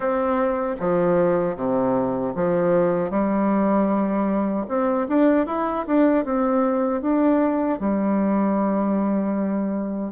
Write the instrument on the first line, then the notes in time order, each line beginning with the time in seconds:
bassoon
0.00 C4
0.79 F3
1.55 C3
2.35 F3
3.10 G3
4.68 C4
5.08 D4
5.46 E4
5.87 D4
6.24 C4
7.01 D4
7.79 G3